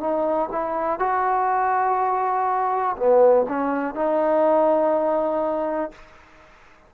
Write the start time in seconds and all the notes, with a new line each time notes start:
0.00 D#4
0.51 E4
0.99 F#4
2.97 B3
3.48 C#4
3.95 D#4